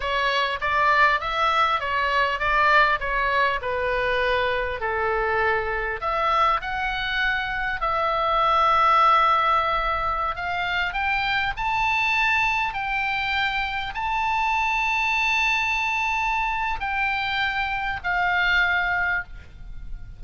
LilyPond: \new Staff \with { instrumentName = "oboe" } { \time 4/4 \tempo 4 = 100 cis''4 d''4 e''4 cis''4 | d''4 cis''4 b'2 | a'2 e''4 fis''4~ | fis''4 e''2.~ |
e''4~ e''16 f''4 g''4 a''8.~ | a''4~ a''16 g''2 a''8.~ | a''1 | g''2 f''2 | }